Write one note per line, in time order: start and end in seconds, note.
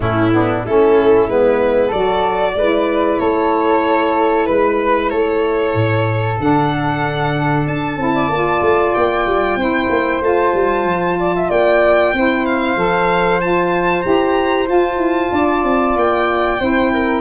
0.00 0.63 A2
0.00 0.31 A3
0.00 0.32 C#4
0.00 0.65 E4
0.32 0.64 B3
0.32 0.66 D4
0.65 1.28 A3
0.65 1.29 C#4
0.65 1.87 E4
0.65 1.29 A4
1.28 1.92 G#3
1.28 1.93 B3
1.28 1.92 B4
1.87 2.54 F#3
1.87 2.51 A4
1.87 3.19 D5
1.94 2.56 F#4
2.54 3.18 G#3
2.54 6.39 E4
2.54 3.20 B4
3.19 4.47 A3
3.19 4.46 A4
3.19 4.46 C#5
4.46 5.11 G#3
4.46 5.09 B4
4.46 5.10 B4
5.09 5.74 A3
5.09 8.13 A4
5.09 6.37 C#5
5.74 6.38 A2
6.39 7.66 D3
6.39 7.99 D4
6.39 7.67 F#5
7.66 7.96 D4
7.66 8.94 A5
7.96 8.28 C4
7.96 8.30 E4
8.14 9.58 D5
8.28 8.60 A#3
8.28 9.59 F4
8.61 8.93 A3
8.94 9.26 A#3
8.94 10.22 G5
9.26 9.55 G3
9.55 9.87 C4
9.55 10.22 E4
9.55 11.18 C5
9.89 10.20 A#3
10.20 10.52 A3
10.20 12.13 F4
10.20 11.50 A5
10.53 10.84 G3
10.84 11.48 F3
11.19 11.35 D5
11.35 11.49 E5
11.49 12.13 A#3
11.49 12.13 D5
11.49 12.45 G5
12.13 12.76 C4
12.13 12.76 E4
12.13 15.33 C5
12.45 13.40 F5
12.76 14.03 F3
12.76 13.40 A4
13.40 14.03 F4
13.40 14.02 A5
14.02 14.68 E4
14.02 14.66 G4
14.02 14.66 A#5
14.66 16.57 F4
14.66 14.97 F4
14.66 15.96 A5
14.97 15.29 E4
15.31 15.63 D4
15.31 16.60 D5
15.63 15.95 C4
15.95 16.59 A#3
15.95 17.21 G5
16.59 17.21 C4
16.59 17.21 E4
16.59 16.92 C5
16.92 17.21 A#4